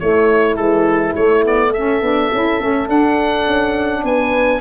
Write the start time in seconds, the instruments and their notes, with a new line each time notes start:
0.00 saxophone A3, tuba A3, horn E4, oboe C#5
0.56 saxophone E3, tuba G#3, oboe A4
1.16 tuba A3, saxophone A3, oboe C#5
1.45 saxophone B3, oboe D5
1.71 saxophone C#4, horn A4, oboe E5
2.02 tuba B3, saxophone D4
2.33 tuba C#4, saxophone E4
2.60 tuba A3, saxophone C#4
2.88 saxophone D4, tuba D4, oboe F#5
3.47 tuba C#4
4.03 tuba B3, horn B4, oboe G#5